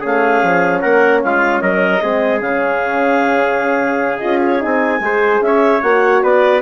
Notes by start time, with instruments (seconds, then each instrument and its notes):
0.00 bassoon A3, horn C#4, trumpet G#4, clarinet F5
0.43 bassoon F3
0.80 bassoon A#3, trumpet A#4, clarinet F#5
1.22 bassoon G#3, trumpet F4, clarinet F5
1.60 bassoon F#3, trumpet A#4, clarinet D#5
2.02 bassoon G#3, horn C4, trumpet G#4
2.40 bassoon C#3, horn C#4, clarinet F5
4.18 bassoon C#4, horn F4, clarinet D#5
4.43 clarinet C#5
4.59 bassoon C4, horn D#4, clarinet G#5
4.99 bassoon G#3, horn G#4, trumpet C5
5.41 bassoon C#4, trumpet C#5, clarinet E5
5.82 bassoon A#3, horn F#4, clarinet F#5
6.22 bassoon B3, trumpet B4, clarinet D5